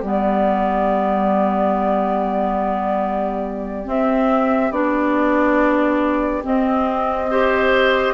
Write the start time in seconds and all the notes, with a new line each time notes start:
0.00 G3 B3 G4 D5
3.85 C4 E5
4.71 B3 D4 D5
6.43 C4 D#5
7.31 G4 C5